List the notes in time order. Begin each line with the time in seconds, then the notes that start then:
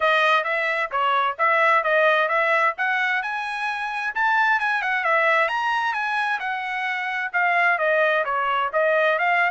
0.00 D#5
0.44 E5
0.91 C#5
1.38 E5
1.83 D#5
2.28 E5
2.77 F#5
3.22 G#5
4.15 A5
4.59 G#5
4.82 F#5
5.04 E5
5.48 A#5
5.93 G#5
6.39 F#5
7.32 F5
7.78 D#5
8.24 C#5
8.73 D#5
9.18 F5